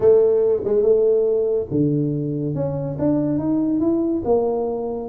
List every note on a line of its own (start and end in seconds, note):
0.00 0.62 A3
0.64 0.82 G#3
0.82 1.67 A3
1.71 2.54 D3
2.54 2.97 C#4
2.99 3.38 D4
3.38 3.80 D#4
3.80 4.22 E4
4.24 5.09 A#3